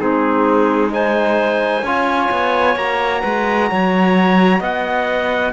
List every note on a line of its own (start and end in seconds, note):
0.00 1.83 G#3
0.00 0.90 C4
0.00 0.92 D#4
0.00 0.92 G#4
0.90 1.83 D#4
0.90 1.85 C5
0.90 2.78 G#5
1.83 2.29 C#4
1.83 2.78 F4
1.83 3.22 C#5
2.31 2.76 B3
2.76 3.22 A#3
2.76 5.54 F#4
2.76 4.62 A#5
3.22 3.71 G#3
3.22 3.68 B4
3.71 4.61 F#3
3.71 4.60 C#5
4.60 5.53 B3
4.60 5.52 D#5
4.60 5.54 F#5